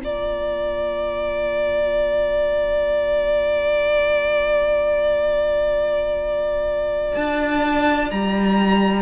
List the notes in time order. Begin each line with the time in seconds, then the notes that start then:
0.00 A#3 F4 D5 A#5
7.14 D4 A5
8.10 G3 A#5